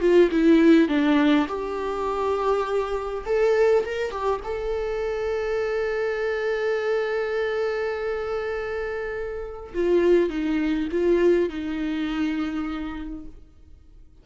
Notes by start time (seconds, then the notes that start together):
0.00 F4
0.31 E4
0.88 D4
1.48 G4
3.25 A4
3.85 A#4
4.11 G4
4.44 A4
9.74 F4
10.29 D#4
10.91 F4
11.49 D#4